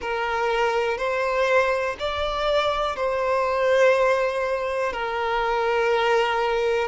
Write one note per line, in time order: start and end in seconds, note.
0.00 0.97 A#4
0.97 1.95 C5
1.99 2.96 D5
2.96 4.92 C5
4.92 6.88 A#4